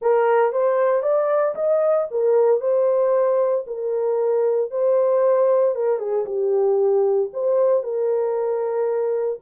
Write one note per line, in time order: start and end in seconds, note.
0.01 0.52 A#4
0.52 1.02 C5
1.02 1.54 D5
1.55 2.07 D#5
2.10 2.60 A#4
2.60 3.65 C5
3.66 4.70 A#4
4.70 5.75 C5
5.75 5.99 A#4
5.99 6.25 G#4
6.25 7.29 G4
7.33 7.83 C5
7.83 9.39 A#4